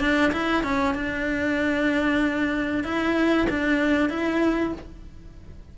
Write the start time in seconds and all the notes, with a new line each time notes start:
0.00 D4
0.32 E4
0.63 C#4
0.94 D4
2.83 E4
3.49 D4
4.09 E4